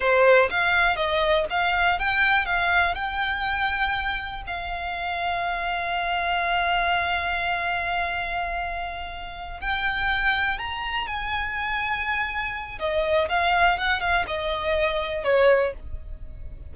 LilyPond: \new Staff \with { instrumentName = "violin" } { \time 4/4 \tempo 4 = 122 c''4 f''4 dis''4 f''4 | g''4 f''4 g''2~ | g''4 f''2.~ | f''1~ |
f''2.~ f''8 g''8~ | g''4. ais''4 gis''4.~ | gis''2 dis''4 f''4 | fis''8 f''8 dis''2 cis''4 | }